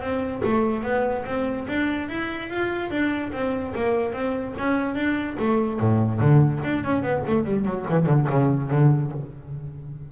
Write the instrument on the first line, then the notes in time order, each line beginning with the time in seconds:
double bass
0.00 C4
0.43 A3
0.83 B3
1.25 C4
1.68 D4
2.08 E4
2.49 F4
2.90 D4
3.32 C4
3.74 A#3
4.12 C4
4.58 C#4
4.95 D4
5.39 A3
5.79 A2
6.20 D3
6.63 D4
6.84 C#4
7.02 B3
7.27 A3
7.44 G3
7.65 F#3
7.89 E3
8.06 D3
8.29 C#3
8.70 D3